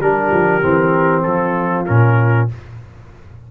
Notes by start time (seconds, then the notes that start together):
0.00 G3 D4 G4 A#4
0.32 F3
0.62 E3 C4
1.23 F3 F4 A4
1.86 A#2 C#4 A#4